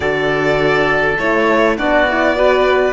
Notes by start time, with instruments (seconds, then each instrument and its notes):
0.00 cello D3, horn F#4, oboe A4, violin D5
1.17 cello A3, horn E4, violin C#5
1.77 cello B3, horn D4, oboe F#4, violin D5
2.08 horn E4
2.35 horn F#4, oboe B4